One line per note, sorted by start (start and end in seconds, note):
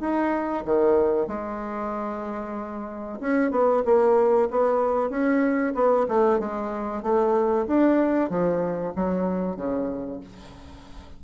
0.00 0.64 D#4
0.64 1.27 D#3
1.27 3.19 G#3
3.20 3.50 C#4
3.50 3.82 B3
3.84 4.48 A#3
4.50 5.09 B3
5.09 5.73 C#4
5.74 6.06 B3
6.08 6.39 A3
6.39 7.02 G#3
7.02 7.66 A3
7.67 8.29 D4
8.29 8.93 F3
8.95 9.56 F#3
9.56 10.20 C#3